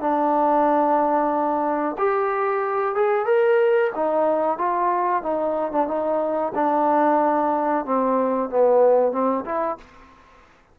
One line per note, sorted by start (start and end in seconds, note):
0.00 1.96 D4
1.98 2.95 G4
2.95 3.25 G#4
3.25 3.91 A#4
3.95 4.58 D#4
4.58 5.23 F4
5.23 5.72 D#4
5.72 5.87 D4
5.87 6.52 D#4
6.55 7.85 D4
7.85 8.49 C4
8.49 9.12 B3
9.12 9.44 C4
9.45 9.77 E4